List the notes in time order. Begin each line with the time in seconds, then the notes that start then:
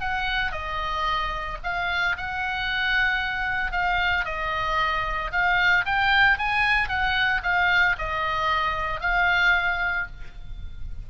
0.00 F#5
0.51 D#5
1.63 F5
2.17 F#5
3.72 F5
4.25 D#5
5.32 F5
5.85 G5
6.38 G#5
6.88 F#5
7.43 F5
7.98 D#5
9.00 F5